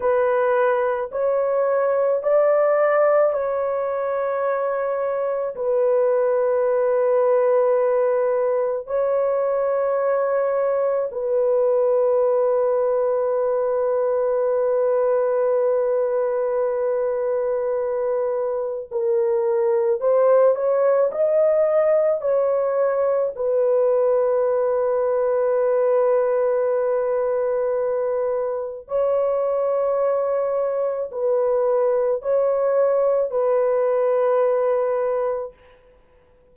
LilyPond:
\new Staff \with { instrumentName = "horn" } { \time 4/4 \tempo 4 = 54 b'4 cis''4 d''4 cis''4~ | cis''4 b'2. | cis''2 b'2~ | b'1~ |
b'4 ais'4 c''8 cis''8 dis''4 | cis''4 b'2.~ | b'2 cis''2 | b'4 cis''4 b'2 | }